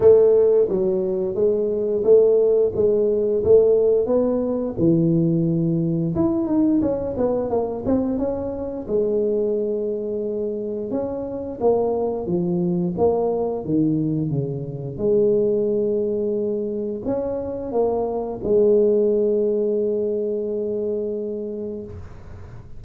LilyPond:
\new Staff \with { instrumentName = "tuba" } { \time 4/4 \tempo 4 = 88 a4 fis4 gis4 a4 | gis4 a4 b4 e4~ | e4 e'8 dis'8 cis'8 b8 ais8 c'8 | cis'4 gis2. |
cis'4 ais4 f4 ais4 | dis4 cis4 gis2~ | gis4 cis'4 ais4 gis4~ | gis1 | }